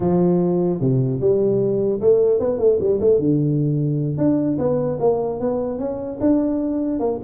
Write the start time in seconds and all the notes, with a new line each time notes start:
0.00 F3
0.80 C3
1.20 G3
2.00 A3
2.39 B3
2.58 A3
2.80 G3
3.00 A3
3.19 D3
4.17 D4
4.58 B3
4.99 A#3
5.40 B3
5.79 C#4
6.20 D4
6.99 A#3